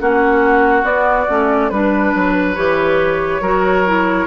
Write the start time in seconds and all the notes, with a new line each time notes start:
0.00 A#3 C#4 F#4 F#5
0.83 B3 D5
1.29 A3 C#4
1.70 G3 D4 B4
2.15 F#3
2.56 E3 G4 C#5
3.41 F#3 F#4 A#4
3.86 E4